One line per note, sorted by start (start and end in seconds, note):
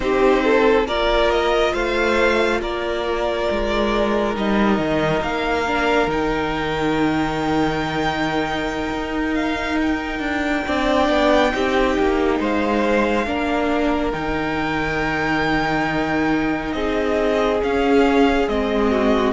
0.00 0.86 C4
0.00 0.86 D#4
0.00 0.43 G4
0.00 0.86 C5
0.43 0.87 A4
0.86 1.73 A#3
0.86 4.34 F4
0.86 1.72 A#4
0.86 1.30 D5
1.30 1.73 D#5
1.72 2.61 A3
1.72 2.59 C5
1.72 2.60 F5
2.61 3.48 A#3
2.61 10.66 A#4
2.61 4.35 D5
3.50 4.36 G#3
4.34 4.78 G3
4.34 5.64 D#4
4.34 5.22 D#5
4.78 5.22 D#3
5.22 6.07 A#3
5.22 6.09 F5
5.66 6.08 D4
6.07 8.89 D#3
6.07 10.65 D#4
6.07 9.34 G5
8.90 10.19 D#4
9.34 9.78 F5
9.81 12.42 G5
10.19 10.62 D4
10.66 11.08 C4
10.66 11.51 D4
10.66 11.53 D5
11.08 11.52 B3
11.51 11.97 C4
11.51 13.25 D#4
11.51 12.39 G4
11.98 12.39 A#3
12.39 13.26 G#3
12.39 13.26 C5
12.39 14.12 F5
13.26 14.13 A#3
13.26 14.12 D4
13.26 16.74 A#4
14.12 16.74 D#3
14.12 17.60 D#4
14.12 16.72 G5
16.72 17.61 C4
16.72 18.91 G#4
16.72 17.59 D#5
17.61 18.47 C#4
17.61 18.48 F5
18.47 19.33 G#3
18.47 19.33 C4
18.47 19.33 D#5
18.91 19.33 F#4